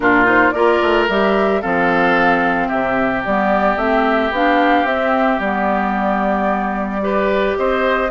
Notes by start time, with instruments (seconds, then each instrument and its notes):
0.00 bassoon A#2, clarinet D4, oboe F4, flute A#4
0.24 clarinet D#4, flute C5
0.50 bassoon A#3, clarinet F4, oboe A#4, flute D5
0.82 bassoon A3
1.08 bassoon G3, clarinet G4, flute E5
1.61 bassoon F3, clarinet C4, oboe A4, flute F5
2.68 bassoon C3, oboe G4, flute E5
3.25 bassoon G3, clarinet B3, flute D5
3.76 bassoon A3, clarinet C4, flute E5
4.31 bassoon B3, clarinet D4, flute F5
4.83 bassoon C4, clarinet C4, flute E5
5.39 bassoon G3, clarinet B3, flute D5
7.00 clarinet G4, oboe B4
7.56 bassoon C4, oboe C5, flute D#5